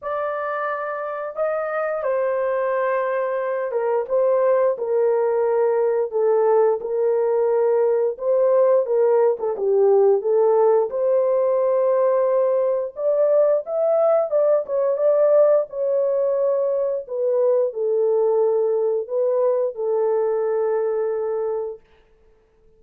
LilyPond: \new Staff \with { instrumentName = "horn" } { \time 4/4 \tempo 4 = 88 d''2 dis''4 c''4~ | c''4. ais'8 c''4 ais'4~ | ais'4 a'4 ais'2 | c''4 ais'8. a'16 g'4 a'4 |
c''2. d''4 | e''4 d''8 cis''8 d''4 cis''4~ | cis''4 b'4 a'2 | b'4 a'2. | }